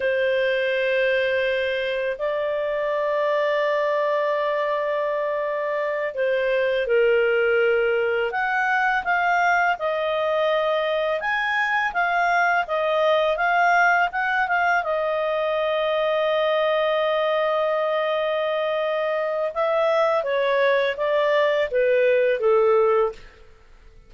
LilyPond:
\new Staff \with { instrumentName = "clarinet" } { \time 4/4 \tempo 4 = 83 c''2. d''4~ | d''1~ | d''8 c''4 ais'2 fis''8~ | fis''8 f''4 dis''2 gis''8~ |
gis''8 f''4 dis''4 f''4 fis''8 | f''8 dis''2.~ dis''8~ | dis''2. e''4 | cis''4 d''4 b'4 a'4 | }